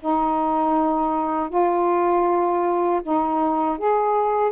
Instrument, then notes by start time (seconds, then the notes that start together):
saxophone
0.00 D#4
1.49 F4
3.03 D#4
3.78 G#4